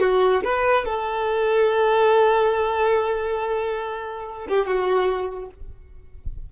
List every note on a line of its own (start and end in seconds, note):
0.00 0.41 F#4
0.44 0.85 B4
0.85 4.47 A4
4.48 4.67 G4
4.67 5.49 F#4